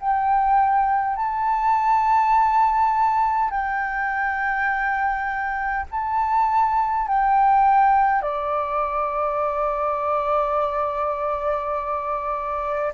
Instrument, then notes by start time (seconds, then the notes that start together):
flute
0.00 G5
1.16 A5
3.50 G5
5.91 A5
7.08 G5
8.22 D5